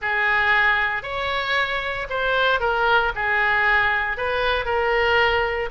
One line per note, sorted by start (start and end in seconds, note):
0.01 1.02 G#4
1.02 2.07 C#5
2.09 2.60 C5
2.60 3.12 A#4
3.15 4.17 G#4
4.17 4.65 B4
4.65 5.69 A#4